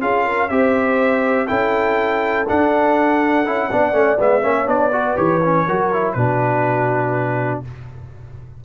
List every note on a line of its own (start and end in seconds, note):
0.00 0.50 C#4
0.00 0.49 F4
0.00 0.24 G#4
0.00 0.48 F5
0.24 0.48 A#4
0.48 1.48 C4
0.48 1.47 G4
0.48 1.47 C5
0.48 1.47 E5
1.47 2.48 C#4
1.47 2.45 E4
1.47 3.69 A4
1.47 2.46 G5
2.48 3.45 D4
2.48 3.47 D4
2.48 4.20 F#5
3.45 3.72 C#4
3.45 3.70 E4
3.71 3.92 B3
3.71 3.92 D4
3.71 4.43 D5
3.92 4.17 A3
3.92 4.17 C#4
4.19 4.43 G#3
4.19 4.42 B3
4.19 4.68 E5
4.42 4.66 A#3
4.42 4.65 C#4
4.42 4.93 C#5
4.65 5.16 B3
4.65 4.90 D4
4.65 5.17 D5
4.92 5.16 F#4
4.92 5.66 B4
5.16 5.66 E3
5.16 5.40 G4
5.16 6.12 C#5
5.43 5.68 C#4
5.66 6.15 F#3
5.66 5.92 F#4
5.66 6.15 A#4
5.92 6.17 E4
6.12 7.62 B2
6.12 7.64 D4
6.12 7.62 F#4
6.12 7.60 B4